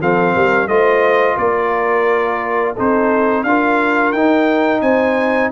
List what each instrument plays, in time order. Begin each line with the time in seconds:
0.00 tuba F3, trombone C4, horn A4, trumpet F5
0.34 tuba G3, horn A#4
0.68 tuba A3, trombone F4, horn C5, trumpet D#5
1.36 tuba A#3, horn A#4, trumpet D5
2.74 tuba C4, trombone D#4, horn A4, trumpet C5
3.43 tuba D4, trombone F4, horn A#4, trumpet F5
4.12 tuba D#4, trombone D#4, trumpet G5
4.81 tuba C4, horn C5, trumpet G#5